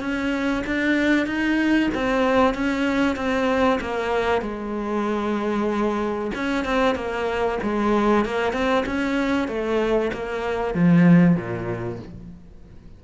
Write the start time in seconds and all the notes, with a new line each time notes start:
0.00 C#4
0.66 D4
1.26 D#4
1.94 C4
2.54 C#4
3.16 C4
3.81 A#3
4.42 G#3
6.35 C#4
6.65 C4
6.95 A#3
7.62 G#3
8.25 A#3
8.53 C4
8.86 C#4
9.48 A3
10.13 A#3
10.75 F3
11.36 A#2